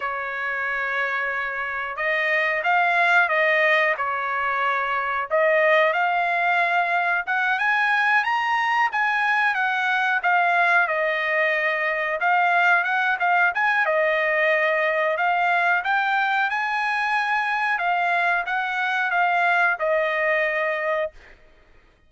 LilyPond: \new Staff \with { instrumentName = "trumpet" } { \time 4/4 \tempo 4 = 91 cis''2. dis''4 | f''4 dis''4 cis''2 | dis''4 f''2 fis''8 gis''8~ | gis''8 ais''4 gis''4 fis''4 f''8~ |
f''8 dis''2 f''4 fis''8 | f''8 gis''8 dis''2 f''4 | g''4 gis''2 f''4 | fis''4 f''4 dis''2 | }